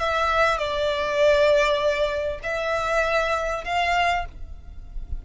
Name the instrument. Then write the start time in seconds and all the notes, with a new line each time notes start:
violin
0.00 E5
0.58 D5
2.44 E5
3.65 F5